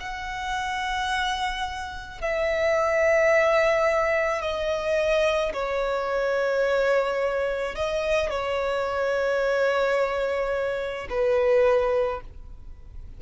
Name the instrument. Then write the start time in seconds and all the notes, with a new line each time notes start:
violin
0.00 F#5
2.21 E5
4.42 D#5
5.54 C#5
7.76 D#5
8.30 C#5
11.10 B4